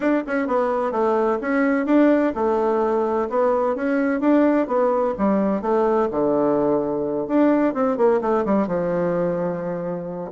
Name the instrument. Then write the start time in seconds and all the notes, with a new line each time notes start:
bassoon
0.00 D4
0.26 C#4
0.47 B3
0.91 A3
1.41 C#4
1.86 D4
2.34 A3
3.29 B3
3.75 C#4
4.20 D4
4.67 B3
5.18 G3
5.61 A3
6.11 D3
7.27 D4
7.74 C4
7.97 A#3
8.21 A3
8.45 G3
8.67 F3